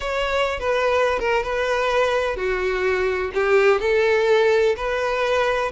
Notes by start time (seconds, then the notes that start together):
0.00 C#5
0.59 B4
1.19 A#4
1.43 B4
2.36 F#4
3.34 G4
3.80 A4
4.76 B4